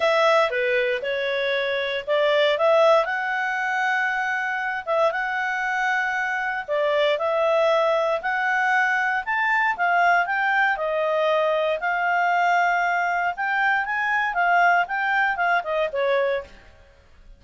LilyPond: \new Staff \with { instrumentName = "clarinet" } { \time 4/4 \tempo 4 = 117 e''4 b'4 cis''2 | d''4 e''4 fis''2~ | fis''4. e''8 fis''2~ | fis''4 d''4 e''2 |
fis''2 a''4 f''4 | g''4 dis''2 f''4~ | f''2 g''4 gis''4 | f''4 g''4 f''8 dis''8 cis''4 | }